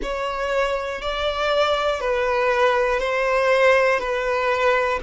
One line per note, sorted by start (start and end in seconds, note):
0.02 1.01 C#5
1.01 2.00 D5
2.00 3.00 B4
3.00 3.99 C5
3.99 4.99 B4